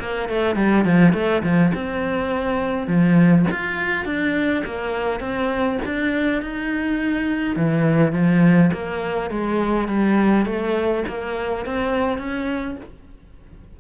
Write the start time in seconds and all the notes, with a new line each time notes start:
0.00 A#3
0.29 A3
0.56 G3
0.85 F3
1.14 A3
1.43 F3
1.75 C4
2.88 F3
3.52 F4
4.05 D4
4.65 A#3
5.21 C4
5.85 D4
6.42 D#4
7.56 E3
8.13 F3
8.73 A#3
9.31 G#3
9.88 G3
10.46 A3
11.08 A#3
11.66 C4
12.18 C#4